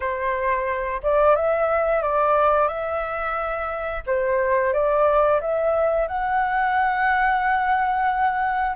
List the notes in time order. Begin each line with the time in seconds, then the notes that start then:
0.00 C5
1.02 D5
1.35 E5
2.02 D5
2.68 E5
4.06 C5
4.73 D5
5.41 E5
6.07 F#5